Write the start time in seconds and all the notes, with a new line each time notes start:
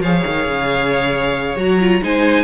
0.00 F3 G#4 C#5 F5
0.26 D#3
0.47 C#3
1.56 F#3 F#4 A#5
1.80 F4
2.02 G#3 D#4 C5 G#5